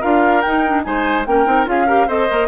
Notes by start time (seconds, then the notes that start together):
0.00 D4 F4 A#4 F5
0.41 D#4 G5
0.67 D4
0.84 G#3 D#4 C5 G#5
1.26 A#3 C#4 A#4 G5
1.45 C4 D#4
1.65 C#4 F4 G#4 F5
1.86 G4 A#4
2.07 C4 A4 C5 D#5
2.28 A#3 A#4